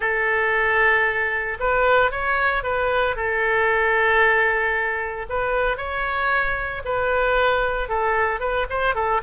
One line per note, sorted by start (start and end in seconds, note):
0.00 1.57 A4
1.59 2.11 B4
2.11 2.63 C#5
2.63 3.16 B4
3.16 5.26 A4
5.29 5.77 B4
5.77 6.82 C#5
6.84 7.89 B4
7.89 8.39 A4
8.39 8.66 B4
8.69 8.94 C5
8.94 9.21 A4